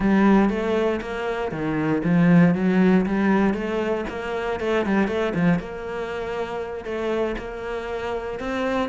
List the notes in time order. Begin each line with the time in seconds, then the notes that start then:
0.00 G3
0.49 A3
1.01 A#3
1.51 D#3
2.03 F3
2.54 F#3
3.06 G3
3.53 A3
4.09 A#3
4.60 A3
4.85 G3
5.07 A3
5.34 F3
5.59 A#3
6.84 A3
7.38 A#3
8.39 C4